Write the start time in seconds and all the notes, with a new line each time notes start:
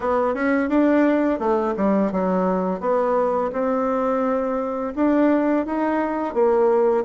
0.00 B3
0.34 C#4
0.69 D4
1.39 A3
1.76 G3
2.12 F#3
2.80 B3
3.52 C4
4.95 D4
5.66 D#4
6.33 A#3